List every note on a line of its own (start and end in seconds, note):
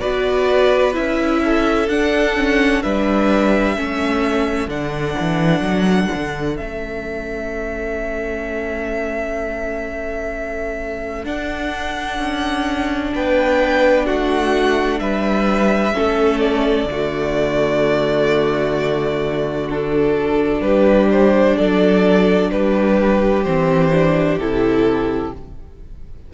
0.00 0.97 B3
0.00 0.94 F#4
0.00 1.41 B4
0.00 0.94 D5
0.94 1.88 C#4
0.94 1.87 E4
0.94 1.89 E5
1.45 2.83 A4
1.88 2.82 D4
1.88 2.37 D4
1.88 2.83 F#5
2.37 2.84 C#4
2.83 3.77 G3
2.83 3.77 D4
2.83 3.76 B4
2.83 4.70 E5
3.76 4.68 A3
3.76 4.69 C#4
3.76 13.14 A4
4.68 5.15 D3
4.68 6.56 D4
4.68 6.57 F#5
5.20 5.61 E3
5.61 6.08 F#3
6.15 6.61 D3
6.56 11.25 A3
6.56 11.25 C#4
6.56 11.26 E5
11.25 15.94 D4
11.25 12.19 D4
11.25 13.13 F#5
12.19 13.12 C#4
13.15 14.09 B3
13.15 14.06 B4
13.15 14.06 G5
14.06 15.01 A3
14.06 15.00 F#4
14.06 15.00 F#5
15.00 15.94 G3
15.00 15.94 B4
15.00 16.40 E5
15.94 16.85 A3
15.94 16.88 C#4
15.94 16.89 A4
16.40 19.68 D5
16.85 20.60 D3
16.85 19.70 A3
16.85 20.63 F#4
19.70 23.45 D4
19.70 20.62 A4
20.61 21.55 G3
20.61 21.57 G4
20.61 21.09 B4
21.12 21.57 C5
21.57 22.52 F#3
21.57 22.51 A4
21.57 22.51 D5
22.51 23.46 G3
22.51 25.34 G4
22.51 23.44 B4
23.44 24.38 E3
23.44 23.92 C4
23.44 24.38 C5
23.93 24.40 D4
24.38 25.32 C3
24.38 25.34 E4
24.38 25.33 A4